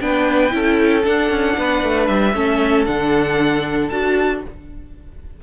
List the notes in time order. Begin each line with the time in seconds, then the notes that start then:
0.00 B3 D4 B4 G5
0.50 C#4 E4 A4
1.03 D4 F#5
1.30 C#4
1.57 B3 B4
1.83 A3
2.06 G3 E5
2.34 A3 C#4 A4
2.86 D3 D4 F#5
3.89 D4 F#4 A5